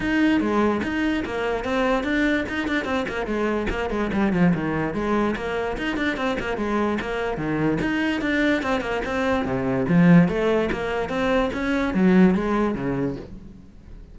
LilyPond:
\new Staff \with { instrumentName = "cello" } { \time 4/4 \tempo 4 = 146 dis'4 gis4 dis'4 ais4 | c'4 d'4 dis'8 d'8 c'8 ais8 | gis4 ais8 gis8 g8 f8 dis4 | gis4 ais4 dis'8 d'8 c'8 ais8 |
gis4 ais4 dis4 dis'4 | d'4 c'8 ais8 c'4 c4 | f4 a4 ais4 c'4 | cis'4 fis4 gis4 cis4 | }